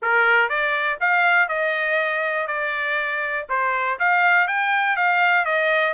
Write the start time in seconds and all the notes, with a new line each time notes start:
0.01 A#4
0.49 D5
1.00 F5
1.48 D#5
2.47 D5
3.49 C5
3.99 F5
4.47 G5
4.96 F5
5.45 D#5